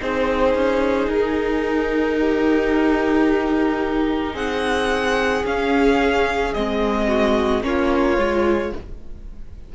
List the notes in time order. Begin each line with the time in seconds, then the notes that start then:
0.00 C4 D#4 G#4 C5
0.55 C#4
1.07 D#4 A#4
2.19 G4
4.34 C4 G#4 F#5
5.44 C#4 F5
6.54 G#3 C4 D#5
7.08 F#4
7.62 A#3 C#4 F4 C#5
8.18 G#3 F4